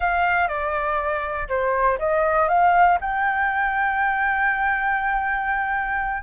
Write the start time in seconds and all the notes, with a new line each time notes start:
0.00 F5
0.48 D5
1.48 C5
1.98 D#5
2.48 F5
3.00 G5